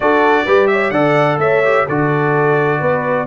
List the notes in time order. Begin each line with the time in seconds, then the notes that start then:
0.00 D4 F#4 A4 D5
0.44 G3 G4 B4
0.67 C#5 E5
0.90 D3 A4 D5 F#5
1.37 A3 C#5 E5
1.64 G4
1.85 D3 F#4 A4 D5
2.79 B3 B4